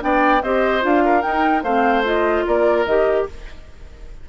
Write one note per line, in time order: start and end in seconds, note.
0.00 0.42 B3
0.00 0.41 D4
0.00 0.43 D5
0.00 0.43 G5
0.42 0.83 C4
0.42 0.81 G4
0.42 1.04 C5
0.42 0.83 D#5
0.81 1.24 D4
0.81 1.21 F4
0.81 1.22 F5
1.05 1.63 A#4
1.21 1.62 D#4
1.21 1.63 D#4
1.21 1.63 G5
1.63 2.44 A3
1.63 2.04 C4
1.63 2.44 C5
1.63 2.04 F5
2.04 2.85 F4
2.04 2.46 D#5
2.46 2.85 A#3
2.46 3.28 A#4
2.46 2.86 D5
2.85 3.26 D#3
2.85 3.29 G4
2.85 3.26 D#5